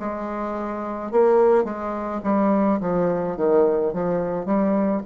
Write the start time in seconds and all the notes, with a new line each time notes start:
0.00 G#3
1.12 A#3
1.65 G#3
2.23 G3
2.80 F3
3.37 D#3
3.93 F3
4.46 G3